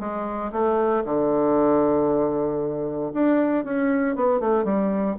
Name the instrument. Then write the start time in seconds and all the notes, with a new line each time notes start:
bassoon
0.00 G#3
0.52 A3
1.05 D3
3.14 D4
3.65 C#4
4.16 B3
4.40 A3
4.65 G3